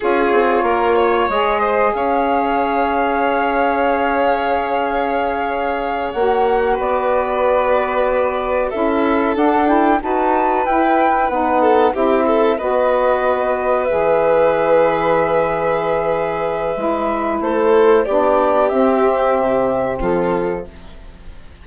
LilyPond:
<<
  \new Staff \with { instrumentName = "flute" } { \time 4/4 \tempo 4 = 93 cis''2 dis''4 f''4~ | f''1~ | f''4. fis''4 d''4.~ | d''4. e''4 fis''8 g''8 a''8~ |
a''8 g''4 fis''4 e''4 dis''8~ | dis''4. e''2~ e''8~ | e''2. c''4 | d''4 e''2 a'4 | }
  \new Staff \with { instrumentName = "violin" } { \time 4/4 gis'4 ais'8 cis''4 c''8 cis''4~ | cis''1~ | cis''2~ cis''8 b'4.~ | b'4. a'2 b'8~ |
b'2 a'8 g'8 a'8 b'8~ | b'1~ | b'2. a'4 | g'2. f'4 | }
  \new Staff \with { instrumentName = "saxophone" } { \time 4/4 f'2 gis'2~ | gis'1~ | gis'4. fis'2~ fis'8~ | fis'4. e'4 d'8 e'8 fis'8~ |
fis'8 e'4 dis'4 e'4 fis'8~ | fis'4. gis'2~ gis'8~ | gis'2 e'2 | d'4 c'2. | }
  \new Staff \with { instrumentName = "bassoon" } { \time 4/4 cis'8 c'8 ais4 gis4 cis'4~ | cis'1~ | cis'4. ais4 b4.~ | b4. cis'4 d'4 dis'8~ |
dis'8 e'4 b4 c'4 b8~ | b4. e2~ e8~ | e2 gis4 a4 | b4 c'4 c4 f4 | }
>>